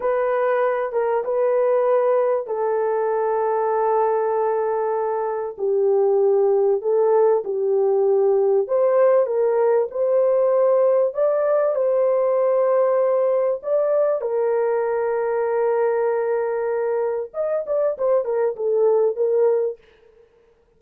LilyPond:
\new Staff \with { instrumentName = "horn" } { \time 4/4 \tempo 4 = 97 b'4. ais'8 b'2 | a'1~ | a'4 g'2 a'4 | g'2 c''4 ais'4 |
c''2 d''4 c''4~ | c''2 d''4 ais'4~ | ais'1 | dis''8 d''8 c''8 ais'8 a'4 ais'4 | }